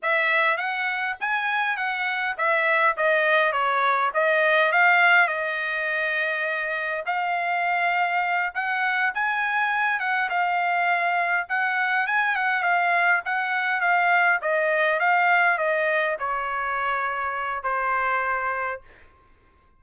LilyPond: \new Staff \with { instrumentName = "trumpet" } { \time 4/4 \tempo 4 = 102 e''4 fis''4 gis''4 fis''4 | e''4 dis''4 cis''4 dis''4 | f''4 dis''2. | f''2~ f''8 fis''4 gis''8~ |
gis''4 fis''8 f''2 fis''8~ | fis''8 gis''8 fis''8 f''4 fis''4 f''8~ | f''8 dis''4 f''4 dis''4 cis''8~ | cis''2 c''2 | }